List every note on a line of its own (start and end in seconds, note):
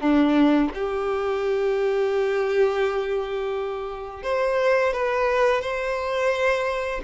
0.00 0.70 D4
0.74 4.23 G4
4.23 4.92 C5
4.92 5.61 B4
5.61 7.01 C5